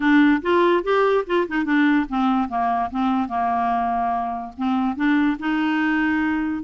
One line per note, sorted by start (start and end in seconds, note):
0.00 0.41 D4
0.42 0.83 F4
0.83 1.24 G4
1.26 1.47 F4
1.47 1.65 D#4
1.65 2.06 D4
2.09 2.48 C4
2.48 2.90 A#3
2.91 3.28 C4
3.28 4.52 A#3
4.57 4.96 C4
4.96 5.37 D4
5.39 6.63 D#4